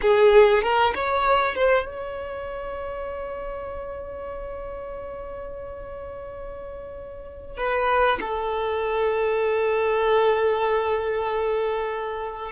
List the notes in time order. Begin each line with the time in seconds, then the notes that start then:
0.01 G#4
0.62 A#4
0.94 C#5
1.55 C5
1.85 C#5
7.57 B4
8.20 A4